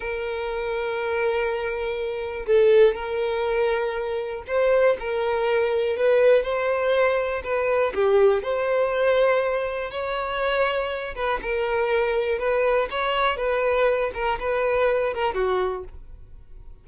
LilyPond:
\new Staff \with { instrumentName = "violin" } { \time 4/4 \tempo 4 = 121 ais'1~ | ais'4 a'4 ais'2~ | ais'4 c''4 ais'2 | b'4 c''2 b'4 |
g'4 c''2. | cis''2~ cis''8 b'8 ais'4~ | ais'4 b'4 cis''4 b'4~ | b'8 ais'8 b'4. ais'8 fis'4 | }